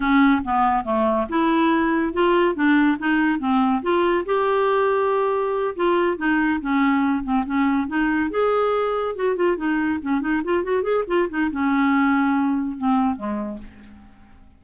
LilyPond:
\new Staff \with { instrumentName = "clarinet" } { \time 4/4 \tempo 4 = 141 cis'4 b4 a4 e'4~ | e'4 f'4 d'4 dis'4 | c'4 f'4 g'2~ | g'4. f'4 dis'4 cis'8~ |
cis'4 c'8 cis'4 dis'4 gis'8~ | gis'4. fis'8 f'8 dis'4 cis'8 | dis'8 f'8 fis'8 gis'8 f'8 dis'8 cis'4~ | cis'2 c'4 gis4 | }